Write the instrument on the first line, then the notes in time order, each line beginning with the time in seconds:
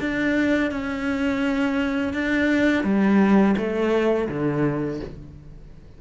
cello
0.00 D4
0.71 C#4
2.13 D4
2.84 G3
3.57 A3
4.29 D3